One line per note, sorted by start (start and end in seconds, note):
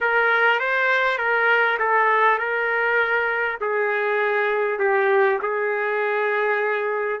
0.01 0.59 A#4
0.59 1.18 C5
1.18 1.78 A#4
1.79 2.38 A4
2.38 3.58 A#4
3.60 4.79 G#4
4.79 5.39 G4
5.42 7.20 G#4